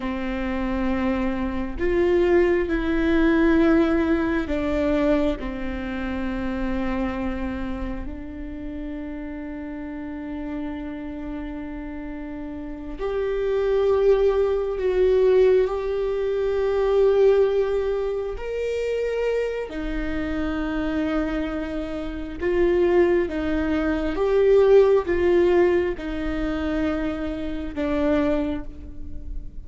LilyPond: \new Staff \with { instrumentName = "viola" } { \time 4/4 \tempo 4 = 67 c'2 f'4 e'4~ | e'4 d'4 c'2~ | c'4 d'2.~ | d'2~ d'8 g'4.~ |
g'8 fis'4 g'2~ g'8~ | g'8 ais'4. dis'2~ | dis'4 f'4 dis'4 g'4 | f'4 dis'2 d'4 | }